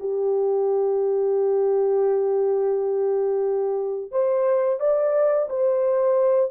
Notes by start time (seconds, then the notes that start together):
0.00 G4
4.12 C5
4.80 D5
5.50 C5